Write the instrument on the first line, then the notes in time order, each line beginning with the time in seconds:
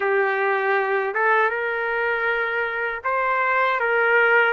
trumpet
0.00 G4
1.14 A4
1.49 A#4
3.04 C5
3.80 A#4